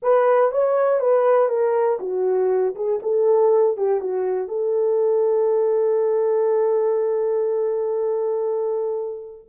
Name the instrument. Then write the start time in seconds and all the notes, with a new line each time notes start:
horn
0.02 B4
0.51 C#5
1.00 B4
1.49 A#4
1.99 F#4
2.75 G#4
3.02 A4
3.77 G4
4.00 F#4
4.47 A4